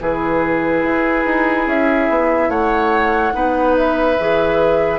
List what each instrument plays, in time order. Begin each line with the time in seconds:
0.00 bassoon E3, clarinet E4, oboe G#4, flute B4
0.84 bassoon E4
1.26 bassoon D#4
1.67 bassoon C#4, flute E5
2.10 bassoon B3
2.49 bassoon A3, oboe C#5, flute F#5
3.33 bassoon B3, clarinet D#4, oboe B4
3.77 flute E5
4.20 bassoon E3, clarinet G#4